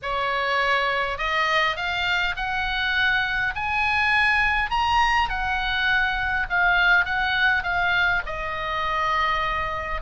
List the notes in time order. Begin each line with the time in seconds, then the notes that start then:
0.02 C#5
1.18 D#5
1.76 F5
2.36 F#5
3.55 G#5
4.70 A#5
5.29 F#5
6.49 F5
7.05 F#5
7.63 F5
8.26 D#5